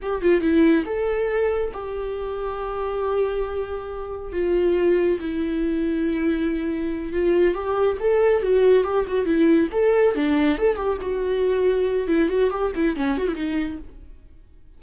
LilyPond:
\new Staff \with { instrumentName = "viola" } { \time 4/4 \tempo 4 = 139 g'8 f'8 e'4 a'2 | g'1~ | g'2 f'2 | e'1~ |
e'8 f'4 g'4 a'4 fis'8~ | fis'8 g'8 fis'8 e'4 a'4 d'8~ | d'8 a'8 g'8 fis'2~ fis'8 | e'8 fis'8 g'8 e'8 cis'8 fis'16 e'16 dis'4 | }